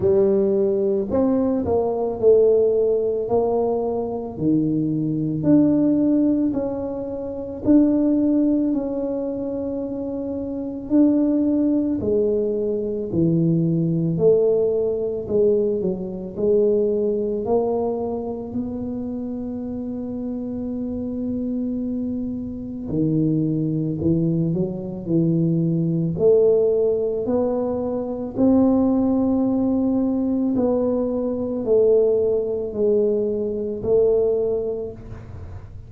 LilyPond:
\new Staff \with { instrumentName = "tuba" } { \time 4/4 \tempo 4 = 55 g4 c'8 ais8 a4 ais4 | dis4 d'4 cis'4 d'4 | cis'2 d'4 gis4 | e4 a4 gis8 fis8 gis4 |
ais4 b2.~ | b4 dis4 e8 fis8 e4 | a4 b4 c'2 | b4 a4 gis4 a4 | }